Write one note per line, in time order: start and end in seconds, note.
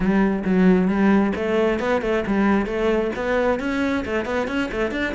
0.00 0.43 G3
0.44 0.88 F#3
0.88 1.32 G3
1.35 1.79 A3
1.79 2.01 B3
2.01 2.24 A3
2.26 2.65 G3
2.65 3.10 A3
3.15 3.59 B3
3.59 4.04 C#4
4.05 4.25 A3
4.25 4.47 B3
4.47 4.70 C#4
4.71 4.91 A3
4.91 5.13 D4